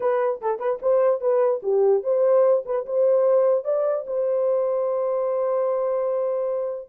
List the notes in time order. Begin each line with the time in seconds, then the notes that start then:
0.00 B4
0.41 A4
0.59 B4
0.81 C5
1.20 B4
1.62 G4
2.03 C5
2.65 B4
2.86 C5
3.64 D5
4.07 C5